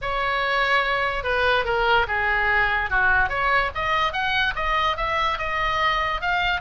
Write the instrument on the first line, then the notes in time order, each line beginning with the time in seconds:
oboe
0.01 C#5
1.23 B4
1.65 A#4
2.07 G#4
2.90 F#4
3.29 C#5
3.74 D#5
4.12 F#5
4.55 D#5
4.97 E5
5.38 D#5
6.21 F5